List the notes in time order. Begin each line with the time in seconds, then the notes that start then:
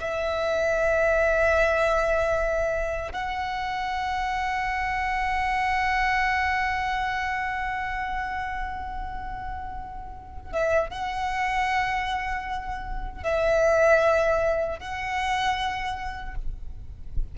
0.00 E5
3.12 F#5
10.52 E5
10.89 F#5
13.23 E5
14.79 F#5